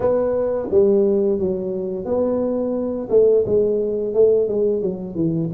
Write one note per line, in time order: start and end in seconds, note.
0.00 0.68 B3
0.70 1.39 G3
1.39 2.05 F#3
2.05 3.08 B3
3.09 3.44 A3
3.45 4.13 G#3
4.13 4.48 A3
4.48 4.82 G#3
4.82 5.15 F#3
5.15 5.50 E3